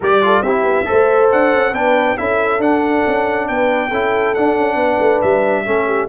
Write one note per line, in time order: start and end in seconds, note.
0.00 0.41 G3
0.00 0.21 G4
0.00 0.19 A#4
0.00 0.42 D5
0.21 0.43 F4
0.21 0.43 A4
0.41 0.62 C4
0.41 0.85 E4
0.41 0.87 G4
0.41 1.29 E5
0.62 0.84 B3
0.85 1.32 A3
0.85 1.72 A4
0.85 1.74 C5
1.31 1.54 D4
1.31 1.74 F#5
1.54 1.72 C#4
1.72 2.15 B3
1.72 2.17 D4
1.72 2.17 B4
1.72 2.17 G5
2.17 2.58 C#4
2.17 2.60 E4
2.17 3.48 A4
2.17 2.61 E5
2.58 3.02 D4
2.58 3.90 D4
2.58 3.47 F#5
3.06 3.49 C#4
3.47 3.91 B3
3.47 3.88 B4
3.47 4.34 G5
3.88 4.35 C#4
3.88 4.36 E4
3.88 4.75 A4
4.34 5.65 D4
4.34 4.58 D4
4.34 5.21 F#5
4.58 4.75 C#4
4.75 4.97 B3
4.75 5.63 B4
4.99 5.21 A3
5.21 5.66 G3
5.21 6.08 E5
5.65 6.09 A3
5.65 6.08 C#4
5.65 5.86 A4
5.86 6.08 G4